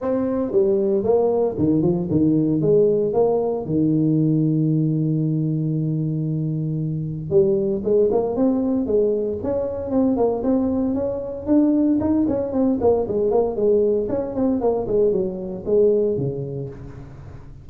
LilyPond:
\new Staff \with { instrumentName = "tuba" } { \time 4/4 \tempo 4 = 115 c'4 g4 ais4 dis8 f8 | dis4 gis4 ais4 dis4~ | dis1~ | dis2 g4 gis8 ais8 |
c'4 gis4 cis'4 c'8 ais8 | c'4 cis'4 d'4 dis'8 cis'8 | c'8 ais8 gis8 ais8 gis4 cis'8 c'8 | ais8 gis8 fis4 gis4 cis4 | }